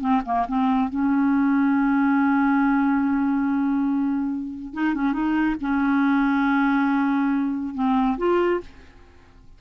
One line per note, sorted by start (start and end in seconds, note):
0.00 0.21 C4
0.25 0.46 A#3
0.48 0.89 C4
0.89 4.73 C#4
4.73 4.94 D#4
4.94 5.13 C#4
5.13 5.55 D#4
5.60 7.74 C#4
7.74 8.17 C4
8.17 8.60 F4